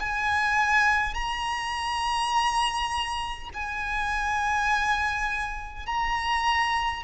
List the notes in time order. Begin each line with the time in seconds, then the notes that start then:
0.00 G#5
1.14 A#5
3.54 G#5
5.86 A#5